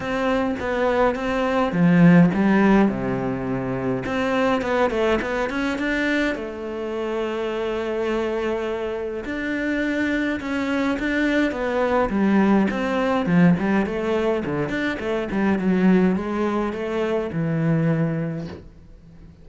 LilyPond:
\new Staff \with { instrumentName = "cello" } { \time 4/4 \tempo 4 = 104 c'4 b4 c'4 f4 | g4 c2 c'4 | b8 a8 b8 cis'8 d'4 a4~ | a1 |
d'2 cis'4 d'4 | b4 g4 c'4 f8 g8 | a4 d8 d'8 a8 g8 fis4 | gis4 a4 e2 | }